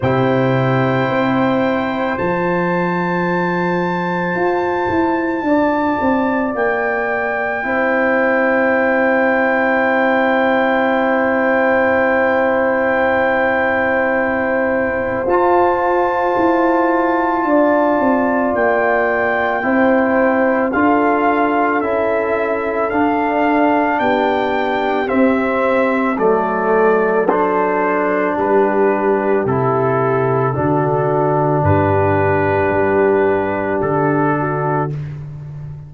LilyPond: <<
  \new Staff \with { instrumentName = "trumpet" } { \time 4/4 \tempo 4 = 55 g''2 a''2~ | a''2 g''2~ | g''1~ | g''2 a''2~ |
a''4 g''2 f''4 | e''4 f''4 g''4 e''4 | d''4 c''4 b'4 a'4~ | a'4 b'2 a'4 | }
  \new Staff \with { instrumentName = "horn" } { \time 4/4 c''1~ | c''4 d''2 c''4~ | c''1~ | c''1 |
d''2 c''4 a'4~ | a'2 g'2 | a'2 g'2 | fis'4 g'2~ g'8 fis'8 | }
  \new Staff \with { instrumentName = "trombone" } { \time 4/4 e'2 f'2~ | f'2. e'4~ | e'1~ | e'2 f'2~ |
f'2 e'4 f'4 | e'4 d'2 c'4 | a4 d'2 e'4 | d'1 | }
  \new Staff \with { instrumentName = "tuba" } { \time 4/4 c4 c'4 f2 | f'8 e'8 d'8 c'8 ais4 c'4~ | c'1~ | c'2 f'4 e'4 |
d'8 c'8 ais4 c'4 d'4 | cis'4 d'4 b4 c'4 | fis2 g4 c4 | d4 g,4 g4 d4 | }
>>